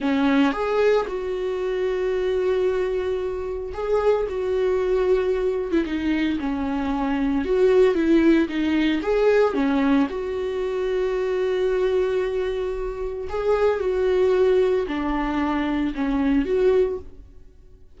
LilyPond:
\new Staff \with { instrumentName = "viola" } { \time 4/4 \tempo 4 = 113 cis'4 gis'4 fis'2~ | fis'2. gis'4 | fis'2~ fis'8. e'16 dis'4 | cis'2 fis'4 e'4 |
dis'4 gis'4 cis'4 fis'4~ | fis'1~ | fis'4 gis'4 fis'2 | d'2 cis'4 fis'4 | }